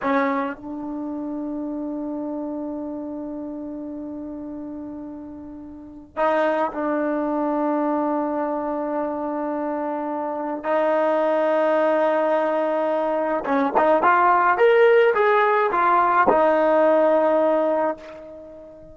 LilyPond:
\new Staff \with { instrumentName = "trombone" } { \time 4/4 \tempo 4 = 107 cis'4 d'2.~ | d'1~ | d'2. dis'4 | d'1~ |
d'2. dis'4~ | dis'1 | cis'8 dis'8 f'4 ais'4 gis'4 | f'4 dis'2. | }